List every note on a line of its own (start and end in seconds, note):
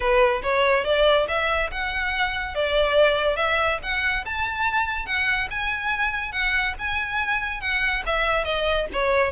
0.00 0.41 B4
0.42 0.84 C#5
0.84 1.26 D5
1.28 1.70 E5
1.71 2.54 F#5
2.54 3.36 D5
3.36 3.78 E5
3.82 4.24 F#5
4.25 5.06 A5
5.06 5.48 F#5
5.50 6.31 G#5
6.31 6.74 F#5
6.78 7.60 G#5
7.60 8.03 F#5
8.06 8.44 E5
8.44 8.86 D#5
8.92 9.31 C#5